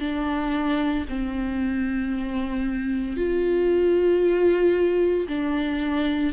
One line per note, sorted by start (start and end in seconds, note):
0.00 1.05 D4
1.09 3.17 C4
3.17 5.27 F4
5.28 6.33 D4